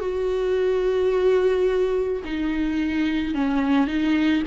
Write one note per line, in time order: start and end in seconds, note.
0.00 2.22 F#4
2.25 3.35 D#4
3.35 3.87 C#4
3.87 4.43 D#4